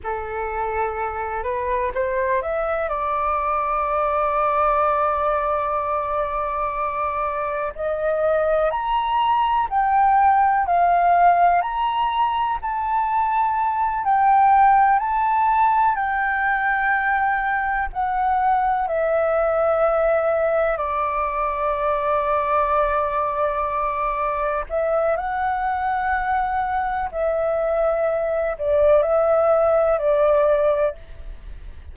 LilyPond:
\new Staff \with { instrumentName = "flute" } { \time 4/4 \tempo 4 = 62 a'4. b'8 c''8 e''8 d''4~ | d''1 | dis''4 ais''4 g''4 f''4 | ais''4 a''4. g''4 a''8~ |
a''8 g''2 fis''4 e''8~ | e''4. d''2~ d''8~ | d''4. e''8 fis''2 | e''4. d''8 e''4 d''4 | }